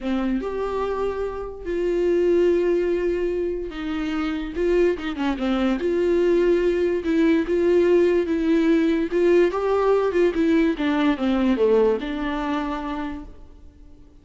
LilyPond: \new Staff \with { instrumentName = "viola" } { \time 4/4 \tempo 4 = 145 c'4 g'2. | f'1~ | f'4 dis'2 f'4 | dis'8 cis'8 c'4 f'2~ |
f'4 e'4 f'2 | e'2 f'4 g'4~ | g'8 f'8 e'4 d'4 c'4 | a4 d'2. | }